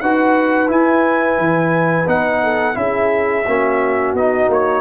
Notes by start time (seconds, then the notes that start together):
0.00 D#4 F#4 B4 F#5
0.67 E4 G#5
1.38 E3
2.06 B3 D#4 F#5
2.43 A4
2.74 C#4 E4 G#4 E5
3.46 A#3 C#4 F#4
4.13 B3 D#4 D#5
4.48 A#3 C#5